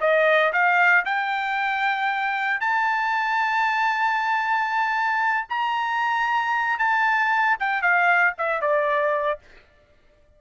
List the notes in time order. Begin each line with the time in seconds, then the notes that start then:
0.00 D#5
0.52 F5
1.05 G5
2.60 A5
5.49 A#5
6.79 A5
7.59 G5
7.81 F5
8.38 E5
8.61 D5